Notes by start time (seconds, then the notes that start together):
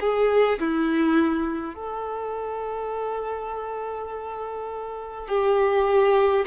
0.00 G#4
0.59 E4
1.75 A4
5.28 G4